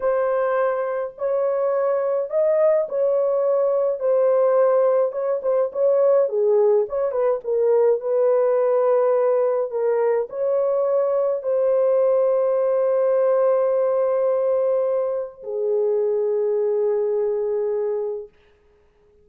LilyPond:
\new Staff \with { instrumentName = "horn" } { \time 4/4 \tempo 4 = 105 c''2 cis''2 | dis''4 cis''2 c''4~ | c''4 cis''8 c''8 cis''4 gis'4 | cis''8 b'8 ais'4 b'2~ |
b'4 ais'4 cis''2 | c''1~ | c''2. gis'4~ | gis'1 | }